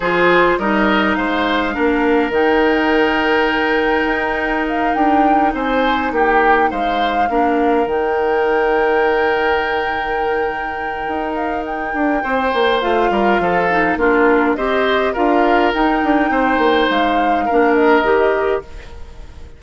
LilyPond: <<
  \new Staff \with { instrumentName = "flute" } { \time 4/4 \tempo 4 = 103 c''4 dis''4 f''2 | g''1 | f''8 g''4 gis''4 g''4 f''8~ | f''4. g''2~ g''8~ |
g''2.~ g''8 f''8 | g''2 f''2 | ais'4 dis''4 f''4 g''4~ | g''4 f''4. dis''4. | }
  \new Staff \with { instrumentName = "oboe" } { \time 4/4 gis'4 ais'4 c''4 ais'4~ | ais'1~ | ais'4. c''4 g'4 c''8~ | c''8 ais'2.~ ais'8~ |
ais'1~ | ais'4 c''4. ais'8 a'4 | f'4 c''4 ais'2 | c''2 ais'2 | }
  \new Staff \with { instrumentName = "clarinet" } { \time 4/4 f'4 dis'2 d'4 | dis'1~ | dis'1~ | dis'8 d'4 dis'2~ dis'8~ |
dis'1~ | dis'2 f'4. dis'8 | d'4 g'4 f'4 dis'4~ | dis'2 d'4 g'4 | }
  \new Staff \with { instrumentName = "bassoon" } { \time 4/4 f4 g4 gis4 ais4 | dis2. dis'4~ | dis'8 d'4 c'4 ais4 gis8~ | gis8 ais4 dis2~ dis8~ |
dis2. dis'4~ | dis'8 d'8 c'8 ais8 a8 g8 f4 | ais4 c'4 d'4 dis'8 d'8 | c'8 ais8 gis4 ais4 dis4 | }
>>